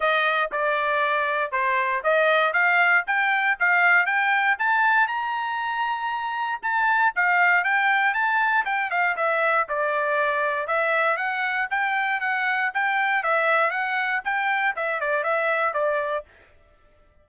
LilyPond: \new Staff \with { instrumentName = "trumpet" } { \time 4/4 \tempo 4 = 118 dis''4 d''2 c''4 | dis''4 f''4 g''4 f''4 | g''4 a''4 ais''2~ | ais''4 a''4 f''4 g''4 |
a''4 g''8 f''8 e''4 d''4~ | d''4 e''4 fis''4 g''4 | fis''4 g''4 e''4 fis''4 | g''4 e''8 d''8 e''4 d''4 | }